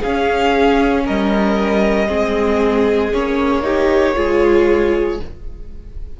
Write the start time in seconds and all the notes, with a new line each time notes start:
0.00 C#4 G#4 F5
1.04 G3 A#4 D#5
2.07 G#3 C4 G#4
3.13 A#3 C#4 C#5
3.62 D#4 G4
4.15 G#3 F4 G#4